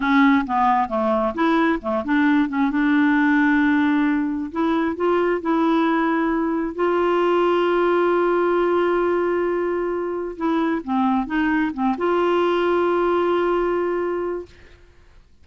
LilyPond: \new Staff \with { instrumentName = "clarinet" } { \time 4/4 \tempo 4 = 133 cis'4 b4 a4 e'4 | a8 d'4 cis'8 d'2~ | d'2 e'4 f'4 | e'2. f'4~ |
f'1~ | f'2. e'4 | c'4 dis'4 c'8 f'4.~ | f'1 | }